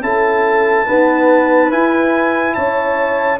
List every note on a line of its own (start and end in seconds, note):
0.00 0.85 C#4
0.00 0.86 E4
0.00 0.86 A4
0.00 1.71 A5
0.86 1.70 B3
0.86 1.72 D#4
0.86 2.55 B4
1.70 3.39 E4
1.70 2.56 E4
1.70 2.54 G#5
2.54 3.39 C#4
2.54 3.39 C#5
2.54 3.38 A5